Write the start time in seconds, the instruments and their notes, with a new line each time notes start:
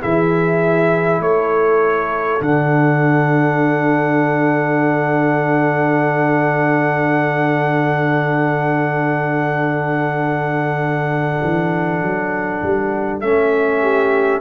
0.00 tuba E3, trombone E4, horn G#4, trumpet E5
1.20 tuba A3, horn A4, trumpet C#5
2.41 tuba D3, trombone D4, trumpet F#5
11.43 tuba E3
12.02 tuba F#3
12.62 tuba G3
13.21 tuba A3, trombone C#4, trumpet E5
13.81 horn G4